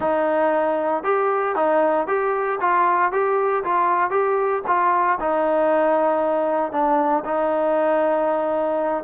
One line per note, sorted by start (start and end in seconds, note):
0.00 1.03 D#4
1.03 1.55 G4
1.55 2.07 D#4
2.07 2.59 G4
2.60 3.12 F4
3.12 3.63 G4
3.63 4.10 F4
4.10 4.62 G4
4.67 5.19 F4
5.20 6.71 D#4
6.71 7.23 D4
7.24 9.04 D#4